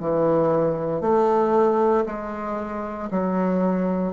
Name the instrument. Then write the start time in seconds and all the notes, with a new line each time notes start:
bassoon
0.00 E3
1.02 A3
2.06 G#3
3.11 F#3